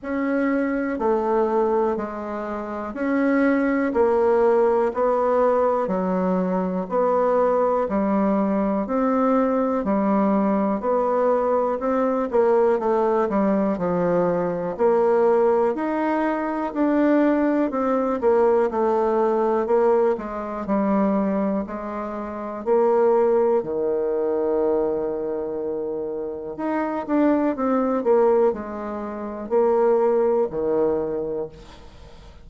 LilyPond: \new Staff \with { instrumentName = "bassoon" } { \time 4/4 \tempo 4 = 61 cis'4 a4 gis4 cis'4 | ais4 b4 fis4 b4 | g4 c'4 g4 b4 | c'8 ais8 a8 g8 f4 ais4 |
dis'4 d'4 c'8 ais8 a4 | ais8 gis8 g4 gis4 ais4 | dis2. dis'8 d'8 | c'8 ais8 gis4 ais4 dis4 | }